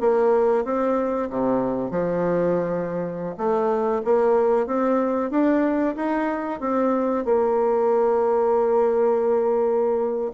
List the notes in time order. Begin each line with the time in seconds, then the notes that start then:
0.00 A#3
0.65 C4
1.30 C3
1.91 F3
3.37 A3
4.04 A#3
4.67 C4
5.30 D4
5.96 D#4
6.60 C4
7.25 A#3